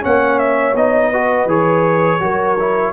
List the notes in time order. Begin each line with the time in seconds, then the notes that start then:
0.00 A#3 C#4 C#5 F#5
0.38 E5
0.74 B3 D#4 D#5
1.09 F#4 B4
1.45 E3 G#4 C#5
2.20 F#3 F#4 A#4
2.59 E4